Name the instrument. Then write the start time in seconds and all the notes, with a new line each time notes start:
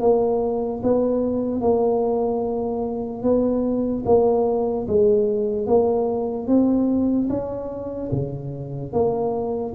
tuba
0.00 A#3
0.83 B3
1.61 A#3
3.22 B3
4.05 A#3
4.87 G#3
5.66 A#3
6.47 C4
7.29 C#4
8.11 C#3
8.92 A#3